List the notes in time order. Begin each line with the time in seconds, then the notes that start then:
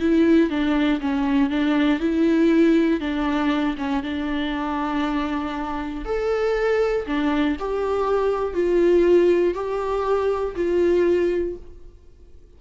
0.00 E4
0.50 D4
1.01 C#4
1.50 D4
2.00 E4
3.00 D4
3.78 C#4
4.03 D4
6.05 A4
7.06 D4
7.60 G4
8.54 F4
9.54 G4
10.55 F4